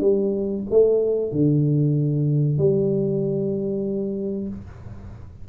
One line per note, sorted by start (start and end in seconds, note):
0.00 0.63 G3
0.70 1.32 A3
1.32 2.58 D3
2.58 4.48 G3